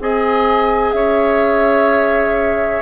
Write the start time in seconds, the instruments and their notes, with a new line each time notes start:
0.00 bassoon C4, clarinet G#4, oboe D#5, flute G#5
0.91 bassoon C#4, oboe C#5, flute E5